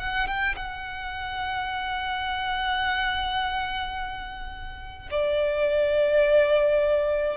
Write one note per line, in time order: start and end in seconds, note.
0.00 0.28 F#5
0.28 0.56 G5
0.57 5.09 F#5
5.11 7.37 D5